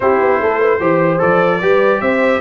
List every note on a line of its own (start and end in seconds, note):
0.00 0.20 C4
0.00 0.80 E4
0.00 0.41 G4
0.00 1.21 C5
0.20 0.40 B3
0.41 0.80 A3
0.41 0.59 A4
0.59 0.79 B4
0.79 1.20 E3
0.79 1.19 G4
0.79 1.60 C5
1.19 1.61 F3
1.19 1.59 A4
1.19 2.01 D5
1.61 2.01 G3
1.61 2.41 G4
1.61 2.01 B4
2.01 2.41 C4
2.01 2.41 C5
2.01 2.41 E5